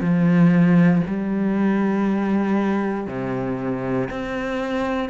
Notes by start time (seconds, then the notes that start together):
0.00 F3
1.06 G3
3.07 C3
4.10 C4